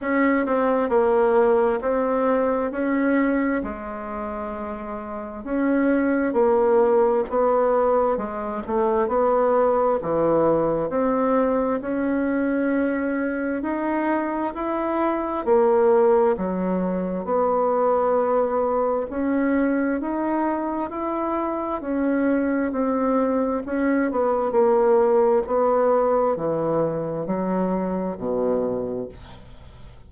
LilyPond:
\new Staff \with { instrumentName = "bassoon" } { \time 4/4 \tempo 4 = 66 cis'8 c'8 ais4 c'4 cis'4 | gis2 cis'4 ais4 | b4 gis8 a8 b4 e4 | c'4 cis'2 dis'4 |
e'4 ais4 fis4 b4~ | b4 cis'4 dis'4 e'4 | cis'4 c'4 cis'8 b8 ais4 | b4 e4 fis4 b,4 | }